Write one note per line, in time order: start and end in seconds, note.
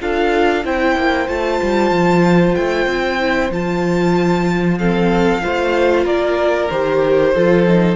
0.00 0.64 D4
0.00 0.64 F4
0.00 0.65 A4
0.00 0.65 F5
0.64 0.96 C4
0.64 1.28 E4
0.64 4.78 C5
0.64 1.28 G5
0.96 1.28 A#3
1.28 1.60 A3
1.28 3.19 F4
1.28 2.55 A5
1.62 1.90 G3
1.90 2.54 F3
2.55 2.86 A3
2.55 3.50 G5
2.86 3.50 C4
3.19 3.51 E4
3.50 5.41 F3
3.50 4.79 F4
3.50 4.78 A5
4.78 5.41 C4
4.78 5.42 A4
4.78 6.05 F5
5.41 6.05 A3
5.41 6.68 F4
5.41 6.04 C5
6.04 6.69 A#3
6.04 7.32 A#4
6.04 6.70 D5
6.70 7.34 D#3
6.70 7.34 G4
6.70 7.95 C5
7.34 7.95 F3
7.34 7.66 F4
7.34 7.95 A4
7.67 7.95 D#4